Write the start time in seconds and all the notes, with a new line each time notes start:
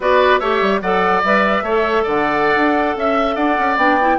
0.00 B3 F#4 B4 D5
0.39 A3 G4 C#5 E5
0.61 G3
0.81 F#3 A4 D5 F#5
1.23 G3 B4 E5
1.62 A3 A4 C#5
2.03 D3 D5 F#5
2.55 D4
2.96 C#4 E5
3.35 D4 D5 F#5
3.58 C#4
3.76 B3 D4 G5
4.00 E4